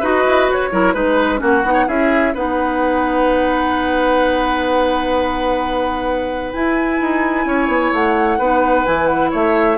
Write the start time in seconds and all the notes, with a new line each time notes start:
0.00 D#4 F#4 B4 D#5
0.26 E4
0.50 F#4 C#5
0.71 F#3 E4 A#4
0.93 G#3 D#4 B4
1.38 A#3 C#4 F#4
1.44 F#5
1.64 B3 D#4
1.73 C#5
1.87 C#4 E4 G#4 E5
2.34 B3 D#4 B4 F#5
6.53 E4 G#5
7.01 D#4
7.45 C#4 C#5
7.68 B3
7.93 A3 F#5
8.38 B3 D#4 B4
8.86 E3 E4 G#5
9.06 F#5
9.31 A3 C#5 E5